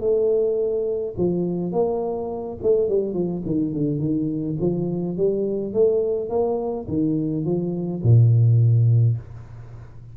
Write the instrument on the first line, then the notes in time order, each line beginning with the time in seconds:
tuba
0.00 A3
1.17 F3
1.72 A#3
2.62 A3
2.88 G3
3.13 F3
3.46 D#3
3.73 D3
3.99 D#3
4.60 F3
5.17 G3
5.73 A3
6.29 A#3
6.88 D#3
7.45 F3
8.03 A#2